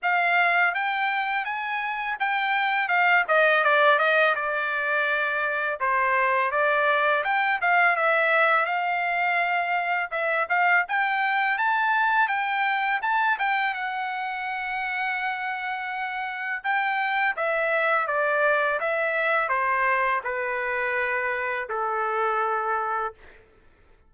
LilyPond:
\new Staff \with { instrumentName = "trumpet" } { \time 4/4 \tempo 4 = 83 f''4 g''4 gis''4 g''4 | f''8 dis''8 d''8 dis''8 d''2 | c''4 d''4 g''8 f''8 e''4 | f''2 e''8 f''8 g''4 |
a''4 g''4 a''8 g''8 fis''4~ | fis''2. g''4 | e''4 d''4 e''4 c''4 | b'2 a'2 | }